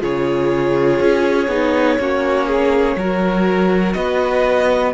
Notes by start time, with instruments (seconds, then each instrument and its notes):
0.00 cello C#3, viola F4, violin G#4 C#5
1.00 cello C#4
1.48 cello B3, viola D#4
1.99 cello A#3, viola C#4, violin F#4
2.47 violin G#4
2.96 cello F#3, viola F#4, violin A#4
3.93 cello B3, violin B4 D#5